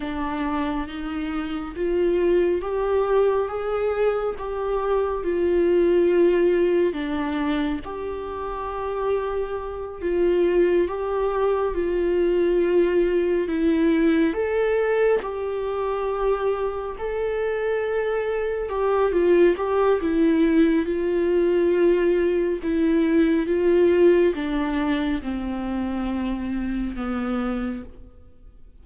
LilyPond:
\new Staff \with { instrumentName = "viola" } { \time 4/4 \tempo 4 = 69 d'4 dis'4 f'4 g'4 | gis'4 g'4 f'2 | d'4 g'2~ g'8 f'8~ | f'8 g'4 f'2 e'8~ |
e'8 a'4 g'2 a'8~ | a'4. g'8 f'8 g'8 e'4 | f'2 e'4 f'4 | d'4 c'2 b4 | }